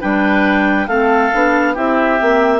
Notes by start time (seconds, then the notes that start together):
0.00 G3 D4 B4 G5
0.87 A3 C4 A4 F5
1.33 B3 D4
1.74 C4 E4 G4 E5
2.19 A#3 C4